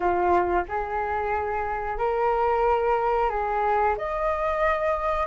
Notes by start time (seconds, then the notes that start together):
0.00 F4
0.68 G#4
1.98 A#4
3.29 G#4
3.97 D#5